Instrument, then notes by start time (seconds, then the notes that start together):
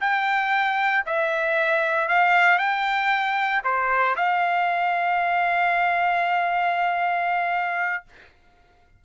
trumpet
0.00 G5
1.06 E5
2.08 F5
2.58 G5
3.63 C5
4.16 F5